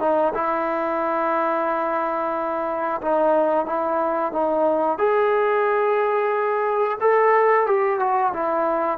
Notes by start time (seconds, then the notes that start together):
0.00 D#4
0.35 E4
3.02 D#4
3.66 E4
4.32 D#4
4.98 G#4
7.01 A4
7.67 G4
7.99 F#4
8.34 E4